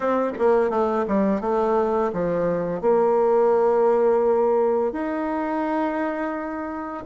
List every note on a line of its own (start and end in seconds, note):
0.00 0.31 C4
0.39 0.70 A#3
0.70 1.05 A3
1.07 1.41 G3
1.41 2.11 A3
2.12 2.81 F3
2.81 4.92 A#3
4.92 7.04 D#4